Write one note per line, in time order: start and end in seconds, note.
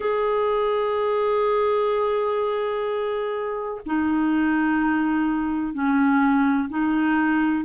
0.00 3.81 G#4
3.86 5.73 D#4
5.73 6.68 C#4
6.69 7.64 D#4